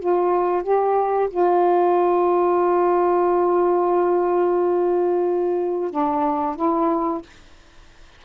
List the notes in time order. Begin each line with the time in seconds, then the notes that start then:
0.00 F4
0.63 G4
1.30 F4
5.91 D4
6.56 E4